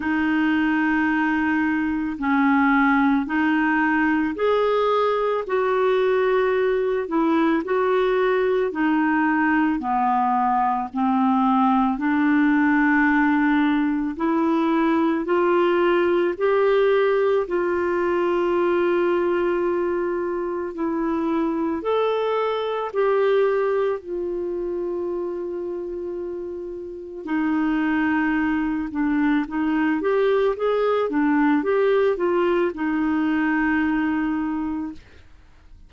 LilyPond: \new Staff \with { instrumentName = "clarinet" } { \time 4/4 \tempo 4 = 55 dis'2 cis'4 dis'4 | gis'4 fis'4. e'8 fis'4 | dis'4 b4 c'4 d'4~ | d'4 e'4 f'4 g'4 |
f'2. e'4 | a'4 g'4 f'2~ | f'4 dis'4. d'8 dis'8 g'8 | gis'8 d'8 g'8 f'8 dis'2 | }